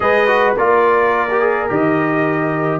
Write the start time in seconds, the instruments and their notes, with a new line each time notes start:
0.00 tuba G#3, trombone G#4, horn B4, trumpet D#5
0.27 trombone F#4
0.56 tuba A#3, trombone F4, horn A#4, trumpet D5
1.30 trombone G4
1.41 trombone G#4
1.69 tuba D#3, trombone G4, trumpet D#5